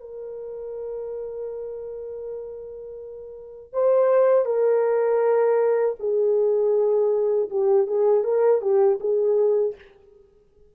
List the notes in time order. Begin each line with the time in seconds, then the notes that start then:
0.00 A#4
3.73 C5
4.45 A#4
5.99 G#4
7.50 G4
7.86 G#4
8.23 A#4
8.61 G4
9.00 G#4